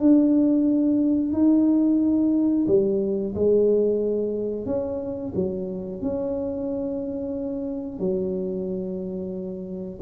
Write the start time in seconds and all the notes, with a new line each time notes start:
0.00 D4
1.33 D#4
2.68 G3
3.35 G#3
4.66 C#4
5.35 F#3
6.02 C#4
8.00 F#3